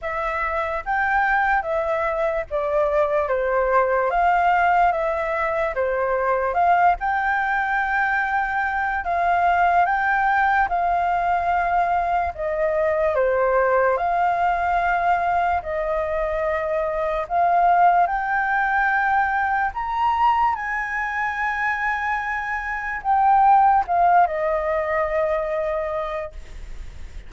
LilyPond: \new Staff \with { instrumentName = "flute" } { \time 4/4 \tempo 4 = 73 e''4 g''4 e''4 d''4 | c''4 f''4 e''4 c''4 | f''8 g''2~ g''8 f''4 | g''4 f''2 dis''4 |
c''4 f''2 dis''4~ | dis''4 f''4 g''2 | ais''4 gis''2. | g''4 f''8 dis''2~ dis''8 | }